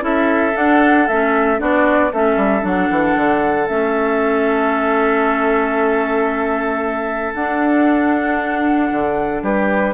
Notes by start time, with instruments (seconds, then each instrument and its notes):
0.00 bassoon C#4, clarinet E4, oboe A4, flute E5
0.56 clarinet D4, bassoon D4, flute F#5
1.08 bassoon A3, clarinet C#4, flute E5
1.58 bassoon B3, clarinet D4, oboe F#4, flute D5
2.13 bassoon A3, clarinet C#4, oboe A4, flute E5
2.37 bassoon G3
2.61 bassoon F#3, clarinet D4, flute F#5
2.90 bassoon E3
3.16 bassoon D3
3.68 bassoon A3, clarinet C#4, flute E5
7.34 bassoon D4, clarinet D4, flute F#5
8.91 bassoon D3
9.43 bassoon G3, oboe G4, flute B4